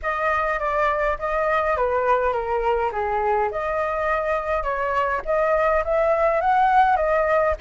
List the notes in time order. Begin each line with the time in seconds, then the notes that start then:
0.02 D#5
0.59 D5
1.18 D#5
1.76 B4
2.32 A#4
2.92 G#4
3.51 D#5
4.63 C#5
5.25 D#5
5.84 E5
6.40 F#5
6.96 D#5